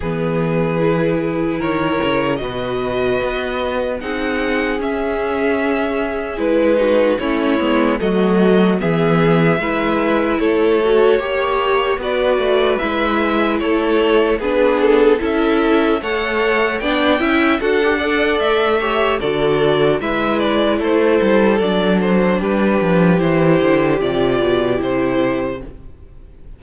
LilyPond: <<
  \new Staff \with { instrumentName = "violin" } { \time 4/4 \tempo 4 = 75 b'2 cis''4 dis''4~ | dis''4 fis''4 e''2 | b'4 cis''4 dis''4 e''4~ | e''4 cis''2 d''4 |
e''4 cis''4 b'8 a'8 e''4 | fis''4 g''4 fis''4 e''4 | d''4 e''8 d''8 c''4 d''8 c''8 | b'4 c''4 d''4 c''4 | }
  \new Staff \with { instrumentName = "violin" } { \time 4/4 gis'2 ais'4 b'4~ | b'4 gis'2.~ | gis'8 fis'8 e'4 fis'4 gis'4 | b'4 a'4 cis''4 b'4~ |
b'4 a'4 gis'4 a'4 | cis''4 d''8 e''8 a'8 d''4 cis''8 | a'4 b'4 a'2 | g'1 | }
  \new Staff \with { instrumentName = "viola" } { \time 4/4 b4 e'2 fis'4~ | fis'4 dis'4 cis'2 | e'8 dis'8 cis'8 b8 a4 b4 | e'4. fis'8 g'4 fis'4 |
e'2 d'4 e'4 | a'4 d'8 e'8 fis'16 g'16 a'4 g'8 | fis'4 e'2 d'4~ | d'4 e'4 f'4 e'4 | }
  \new Staff \with { instrumentName = "cello" } { \time 4/4 e2 dis8 cis8 b,4 | b4 c'4 cis'2 | gis4 a8 gis8 fis4 e4 | gis4 a4 ais4 b8 a8 |
gis4 a4 b4 cis'4 | a4 b8 cis'8 d'4 a4 | d4 gis4 a8 g8 fis4 | g8 f8 e8 d8 c8 b,8 c4 | }
>>